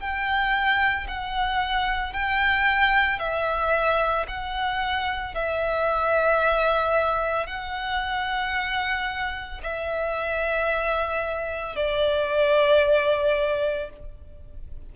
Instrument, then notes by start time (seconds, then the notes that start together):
violin
0.00 G5
1.08 F#5
2.13 G5
3.19 E5
4.28 F#5
5.35 E5
7.47 F#5
9.63 E5
11.76 D5